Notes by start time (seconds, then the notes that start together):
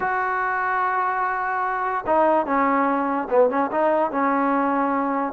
0.00 F#4
2.06 D#4
2.46 C#4
3.30 B3
3.50 C#4
3.71 D#4
4.11 C#4